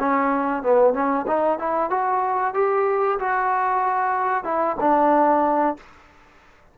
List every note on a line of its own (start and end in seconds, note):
0.00 0.63 C#4
0.63 0.94 B3
0.94 1.26 C#4
1.28 1.59 D#4
1.59 1.91 E4
1.91 2.55 F#4
2.55 3.19 G4
3.20 4.45 F#4
4.45 4.77 E4
4.80 5.77 D4